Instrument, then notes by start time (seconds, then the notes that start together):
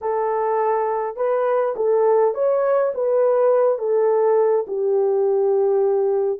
horn
0.01 A4
1.16 B4
1.76 A4
2.34 C#5
2.94 B4
3.78 A4
4.67 G4